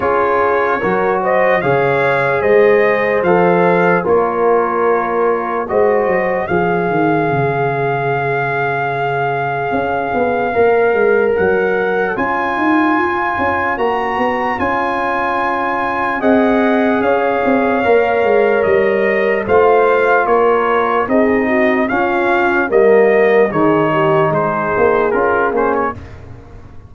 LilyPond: <<
  \new Staff \with { instrumentName = "trumpet" } { \time 4/4 \tempo 4 = 74 cis''4. dis''8 f''4 dis''4 | f''4 cis''2 dis''4 | f''1~ | f''2 fis''4 gis''4~ |
gis''4 ais''4 gis''2 | fis''4 f''2 dis''4 | f''4 cis''4 dis''4 f''4 | dis''4 cis''4 c''4 ais'8 c''16 cis''16 | }
  \new Staff \with { instrumentName = "horn" } { \time 4/4 gis'4 ais'8 c''8 cis''4 c''4~ | c''4 ais'2 c''4 | cis''1~ | cis''1~ |
cis''1 | dis''4 cis''2. | c''4 ais'4 gis'8 fis'8 f'4 | ais'4 gis'8 g'8 gis'2 | }
  \new Staff \with { instrumentName = "trombone" } { \time 4/4 f'4 fis'4 gis'2 | a'4 f'2 fis'4 | gis'1~ | gis'4 ais'2 f'4~ |
f'4 fis'4 f'2 | gis'2 ais'2 | f'2 dis'4 cis'4 | ais4 dis'2 f'8 cis'8 | }
  \new Staff \with { instrumentName = "tuba" } { \time 4/4 cis'4 fis4 cis4 gis4 | f4 ais2 gis8 fis8 | f8 dis8 cis2. | cis'8 b8 ais8 gis8 fis4 cis'8 dis'8 |
f'8 cis'8 ais8 b8 cis'2 | c'4 cis'8 c'8 ais8 gis8 g4 | a4 ais4 c'4 cis'4 | g4 dis4 gis8 ais8 cis'8 ais8 | }
>>